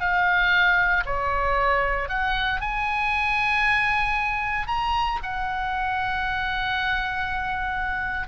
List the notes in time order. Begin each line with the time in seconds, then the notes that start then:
0.00 F5
1.06 C#5
2.09 F#5
2.61 G#5
4.67 A#5
5.23 F#5